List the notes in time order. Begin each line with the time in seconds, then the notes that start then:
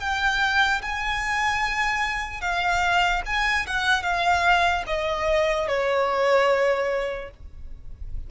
0.00 G5
0.81 G#5
2.41 F5
3.25 G#5
3.66 F#5
4.02 F5
4.86 D#5
5.68 C#5